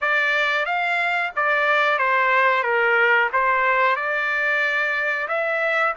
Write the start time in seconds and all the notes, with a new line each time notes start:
0.01 D5
0.65 F5
1.35 D5
1.98 C5
2.63 A#4
3.32 C5
3.96 D5
5.27 E5